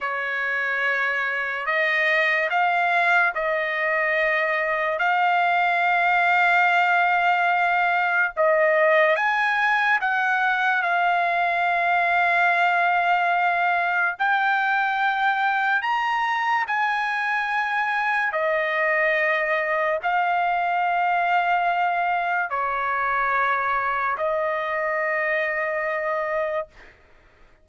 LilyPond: \new Staff \with { instrumentName = "trumpet" } { \time 4/4 \tempo 4 = 72 cis''2 dis''4 f''4 | dis''2 f''2~ | f''2 dis''4 gis''4 | fis''4 f''2.~ |
f''4 g''2 ais''4 | gis''2 dis''2 | f''2. cis''4~ | cis''4 dis''2. | }